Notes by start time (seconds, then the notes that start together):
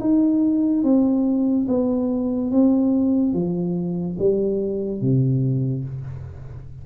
0.00 D#4
0.84 C4
1.68 B3
2.51 C4
3.34 F3
4.19 G3
5.01 C3